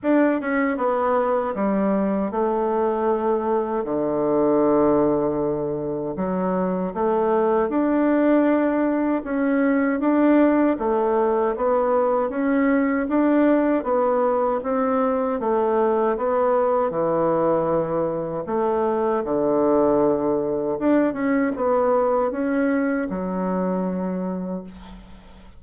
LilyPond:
\new Staff \with { instrumentName = "bassoon" } { \time 4/4 \tempo 4 = 78 d'8 cis'8 b4 g4 a4~ | a4 d2. | fis4 a4 d'2 | cis'4 d'4 a4 b4 |
cis'4 d'4 b4 c'4 | a4 b4 e2 | a4 d2 d'8 cis'8 | b4 cis'4 fis2 | }